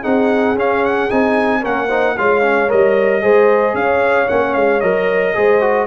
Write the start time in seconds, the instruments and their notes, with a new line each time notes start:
0.00 tuba C4, trombone D#4, horn G#4, trumpet F#5
0.55 tuba C#4, trombone C#4, trumpet F5
0.85 trumpet F#5
1.10 tuba C4, trombone D#4, trumpet G#5
1.60 tuba A#3, trombone C#4, horn A#4, trumpet F#5
1.88 trombone D#4, horn C5
2.17 tuba G#3, trombone F4, horn C#5, trumpet F5
2.42 trombone C#4
2.68 tuba G3, trombone A#4, trumpet D#5
3.21 tuba G#3, trombone G#4, horn C5
3.74 tuba C#4, horn C#5, trumpet F5
4.27 tuba A#3, trombone C#4, trumpet F#5
4.53 tuba G#3, trumpet F5
4.80 tuba F#3, trombone A#4, trumpet D#5
5.34 tuba G#3, trombone G#4, horn C5
5.60 trombone F#4